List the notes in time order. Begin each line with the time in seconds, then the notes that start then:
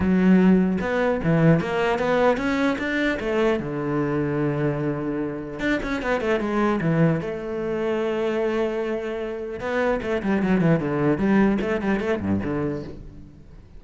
0.00 F#3
0.81 B3
1.23 E3
1.60 A#3
1.99 B3
2.37 C#4
2.78 D4
3.19 A3
3.59 D3
5.59 D4
5.83 C#4
6.01 B3
6.21 A3
6.40 G#3
6.80 E3
7.20 A3
9.60 B3
10.02 A3
10.22 G3
10.42 F#3
10.61 E3
10.79 D3
11.18 G3
11.61 A3
11.81 G3
12.00 A3
12.20 G2
12.43 D3